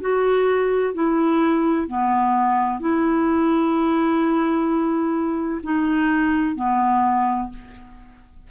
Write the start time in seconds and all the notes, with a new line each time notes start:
0.00 F#4
0.94 E4
1.87 B3
2.80 E4
5.63 D#4
6.55 B3